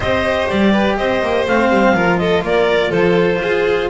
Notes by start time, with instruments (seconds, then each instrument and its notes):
0.00 double bass C4, cello G4, violin C5, clarinet D#5
0.48 double bass G3, clarinet D5
0.71 violin B4
0.97 double bass C4, violin C5, clarinet D#5
1.22 double bass A#3
1.46 double bass A3, cello C4, clarinet F5
1.69 double bass G3
1.93 double bass F3, cello F4, violin A#4
2.18 violin A4, clarinet D#5
2.42 double bass A#3, violin A#4, clarinet D5
2.89 double bass F3, violin A4, clarinet C5
3.41 double bass F4, violin G#4